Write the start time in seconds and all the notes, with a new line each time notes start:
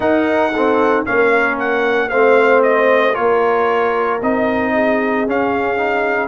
0.00 D#4 A#4 F#5
0.52 C4 A4
1.05 A#3 C#4 A#4 F5
1.59 F#5
2.09 A3 C4 C5 F5
2.62 D#5
3.13 A#3 F4 A#4 C#5
4.21 C4 D#4 D#5
4.73 G#4
5.27 C#4 F5
5.77 D#4